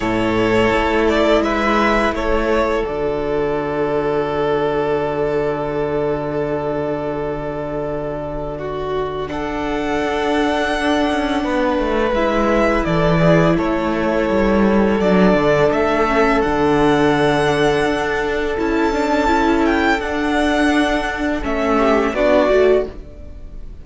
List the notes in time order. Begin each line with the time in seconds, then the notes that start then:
0.00 A2 E4 A4 C#5
0.72 A3
1.08 D5
1.41 G#3 B4 E5
2.11 A3 A4 C#5
2.83 D3 F#4 D5
8.57 F#4
9.27 D4 A4 F#5
10.01 D4
11.10 C#4
11.43 B3 B4
11.78 A3
12.11 G#3 E4 E5
12.85 E3 A4 D5
13.19 G#4
13.56 A3 A4 C#5
14.29 G3
14.99 F#3 D4 D5
15.33 D3
15.71 A3 E5
16.08 C#4
16.41 D3 D4 F#5
17.84 D4
18.57 C#4 E4 A5
18.93 D4
19.27 E4
19.65 G5
19.99 D4 F#5
21.42 A3 C#4 E5
21.77 G4
22.13 B3 D4 F#4 D5
22.50 A3 F#4